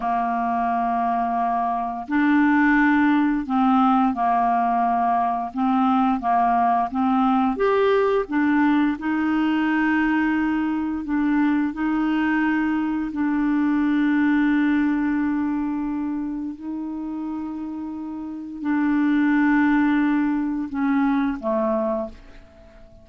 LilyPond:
\new Staff \with { instrumentName = "clarinet" } { \time 4/4 \tempo 4 = 87 ais2. d'4~ | d'4 c'4 ais2 | c'4 ais4 c'4 g'4 | d'4 dis'2. |
d'4 dis'2 d'4~ | d'1 | dis'2. d'4~ | d'2 cis'4 a4 | }